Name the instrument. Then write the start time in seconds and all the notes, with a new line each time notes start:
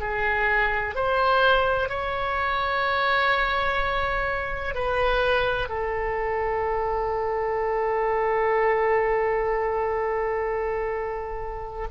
oboe
0.00 G#4
0.95 C5
1.89 C#5
4.75 B4
5.68 A4